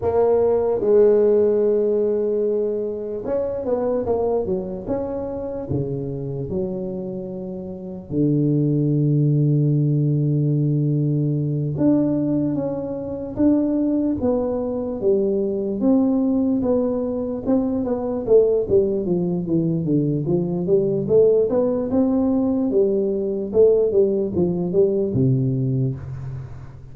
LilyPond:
\new Staff \with { instrumentName = "tuba" } { \time 4/4 \tempo 4 = 74 ais4 gis2. | cis'8 b8 ais8 fis8 cis'4 cis4 | fis2 d2~ | d2~ d8 d'4 cis'8~ |
cis'8 d'4 b4 g4 c'8~ | c'8 b4 c'8 b8 a8 g8 f8 | e8 d8 f8 g8 a8 b8 c'4 | g4 a8 g8 f8 g8 c4 | }